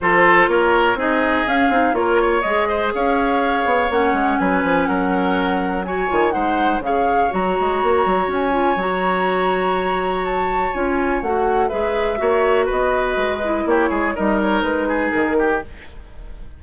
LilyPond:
<<
  \new Staff \with { instrumentName = "flute" } { \time 4/4 \tempo 4 = 123 c''4 cis''4 dis''4 f''4 | cis''4 dis''4 f''2 | fis''4 gis''4 fis''2 | gis''4 fis''4 f''4 ais''4~ |
ais''4 gis''4 ais''2~ | ais''4 a''4 gis''4 fis''4 | e''2 dis''2 | cis''4 dis''8 cis''8 b'4 ais'4 | }
  \new Staff \with { instrumentName = "oboe" } { \time 4/4 a'4 ais'4 gis'2 | ais'8 cis''4 c''8 cis''2~ | cis''4 b'4 ais'2 | cis''4 c''4 cis''2~ |
cis''1~ | cis''1 | b'4 cis''4 b'2 | g'8 gis'8 ais'4. gis'4 g'8 | }
  \new Staff \with { instrumentName = "clarinet" } { \time 4/4 f'2 dis'4 cis'8 dis'8 | f'4 gis'2. | cis'1 | fis'8 f'8 dis'4 gis'4 fis'4~ |
fis'4. f'8 fis'2~ | fis'2 f'4 fis'4 | gis'4 fis'2~ fis'8 e'8~ | e'4 dis'2. | }
  \new Staff \with { instrumentName = "bassoon" } { \time 4/4 f4 ais4 c'4 cis'8 c'8 | ais4 gis4 cis'4. b8 | ais8 gis8 fis8 f8 fis2~ | fis8 dis8 gis4 cis4 fis8 gis8 |
ais8 fis8 cis'4 fis2~ | fis2 cis'4 a4 | gis4 ais4 b4 gis4 | ais8 gis8 g4 gis4 dis4 | }
>>